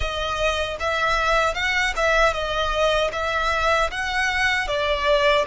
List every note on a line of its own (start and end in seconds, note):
0.00 0.77 D#5
0.79 1.54 E5
1.54 1.93 F#5
1.96 2.33 E5
2.33 3.11 D#5
3.12 3.90 E5
3.90 4.67 F#5
4.67 5.45 D5